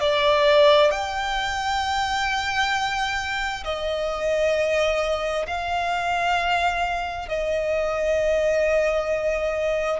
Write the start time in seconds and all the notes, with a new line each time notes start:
0.00 D5
0.91 G5
3.64 D#5
5.47 F5
7.29 D#5